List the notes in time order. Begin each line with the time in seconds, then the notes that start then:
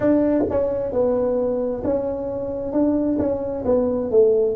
0.00 D4
0.50 C#4
0.92 B3
1.84 C#4
2.72 D4
3.19 C#4
3.65 B3
4.10 A3